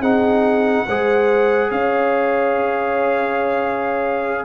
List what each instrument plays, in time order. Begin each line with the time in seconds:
0.00 tuba C4, trombone D#4, horn G#4, trumpet F#5
0.87 tuba G#3, trombone G#4, horn C5
1.70 tuba C#4, horn C#5, trumpet F5